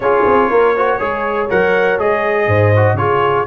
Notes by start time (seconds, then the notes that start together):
0.00 C#4 F4 G#4 C#5
0.25 C4
0.49 A#3 A#4
0.76 F#4 C5
0.97 G#3 G#4 C#5
1.49 F#3 A#4 F#5
1.99 G#3 G#4 D#5
2.47 G#2 C5
2.76 F#4
2.94 C#3 F4 G#4 C#5